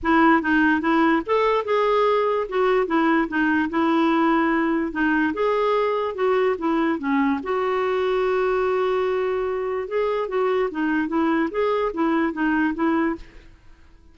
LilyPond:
\new Staff \with { instrumentName = "clarinet" } { \time 4/4 \tempo 4 = 146 e'4 dis'4 e'4 a'4 | gis'2 fis'4 e'4 | dis'4 e'2. | dis'4 gis'2 fis'4 |
e'4 cis'4 fis'2~ | fis'1 | gis'4 fis'4 dis'4 e'4 | gis'4 e'4 dis'4 e'4 | }